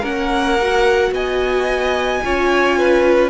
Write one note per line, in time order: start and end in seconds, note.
0.00 1.11 A#3
0.00 0.58 C#4
0.00 1.09 A#4
0.00 1.13 F#5
0.60 2.23 F#4
1.11 2.20 B3
1.11 2.22 D#5
1.11 3.30 G#5
2.23 3.30 C#4
2.23 3.30 F4
2.23 2.78 C#5
2.78 3.30 B4